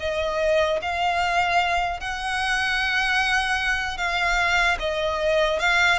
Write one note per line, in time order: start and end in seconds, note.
0.00 0.80 D#5
0.82 2.00 F5
2.00 3.98 F#5
3.98 4.77 F5
4.80 5.60 D#5
5.60 5.99 F5